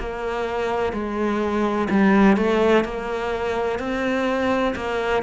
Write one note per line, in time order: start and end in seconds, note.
0.00 0.93 A#3
0.93 1.88 G#3
1.90 2.37 G3
2.37 2.85 A3
2.85 3.80 A#3
3.80 4.75 C4
4.76 5.23 A#3